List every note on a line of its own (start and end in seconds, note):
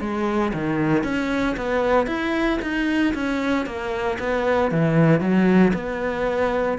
0.00 0.52 G#3
0.54 1.03 D#3
1.03 1.56 C#4
1.56 2.07 B3
2.07 2.59 E4
2.62 3.14 D#4
3.14 3.65 C#4
3.65 4.18 A#3
4.19 4.71 B3
4.71 5.20 E3
5.20 5.72 F#3
5.73 6.78 B3